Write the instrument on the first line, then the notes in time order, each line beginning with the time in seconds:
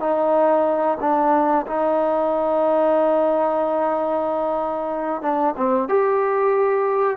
trombone
0.00 D#4
1.01 D4
1.67 D#4
5.22 D4
5.56 C4
5.89 G4